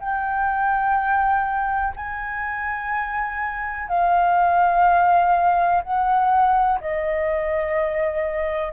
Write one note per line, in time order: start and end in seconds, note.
0.00 1.94 G5
1.96 3.88 G#5
3.88 5.82 F5
5.83 6.80 F#5
6.80 8.73 D#5